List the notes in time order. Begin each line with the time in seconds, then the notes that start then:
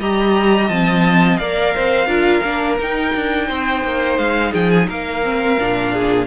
0.00 G3 G4 D#5 A#5
0.69 F3 C4 A5
1.37 A#3 A#4 D5 F5
1.75 C4 C5
2.07 D4 F4 A#4
2.44 A#3 D4
2.80 D#4 G5
3.15 D4
3.48 C4 C5
3.85 A#3
4.18 G#3 F5
4.52 F3 G#4 G5
4.71 G#5
4.88 A#3 A#4 F5
5.24 C4
5.59 A#2 D4
5.93 G#4